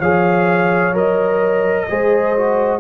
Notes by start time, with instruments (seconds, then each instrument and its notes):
0.00 tuba F3, trombone G#4, horn C#5, trumpet F5
0.93 tuba F#3, trombone A#4, trumpet D#5
1.89 tuba G#3, trombone G#4, horn C5
2.37 trombone F#4